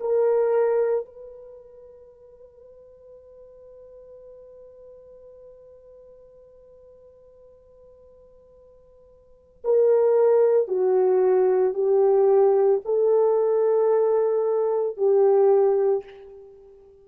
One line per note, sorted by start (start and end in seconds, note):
0.00 1.05 A#4
1.05 9.62 B4
9.64 10.68 A#4
10.68 11.74 F#4
11.74 12.81 G4
12.85 14.97 A4
14.97 16.04 G4